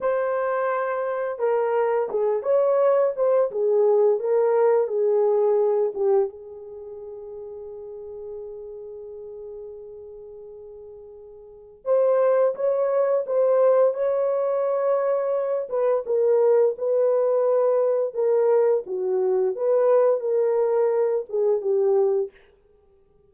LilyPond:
\new Staff \with { instrumentName = "horn" } { \time 4/4 \tempo 4 = 86 c''2 ais'4 gis'8 cis''8~ | cis''8 c''8 gis'4 ais'4 gis'4~ | gis'8 g'8 gis'2.~ | gis'1~ |
gis'4 c''4 cis''4 c''4 | cis''2~ cis''8 b'8 ais'4 | b'2 ais'4 fis'4 | b'4 ais'4. gis'8 g'4 | }